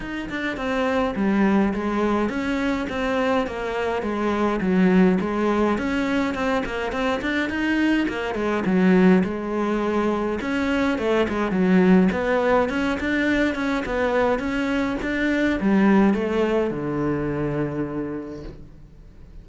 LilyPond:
\new Staff \with { instrumentName = "cello" } { \time 4/4 \tempo 4 = 104 dis'8 d'8 c'4 g4 gis4 | cis'4 c'4 ais4 gis4 | fis4 gis4 cis'4 c'8 ais8 | c'8 d'8 dis'4 ais8 gis8 fis4 |
gis2 cis'4 a8 gis8 | fis4 b4 cis'8 d'4 cis'8 | b4 cis'4 d'4 g4 | a4 d2. | }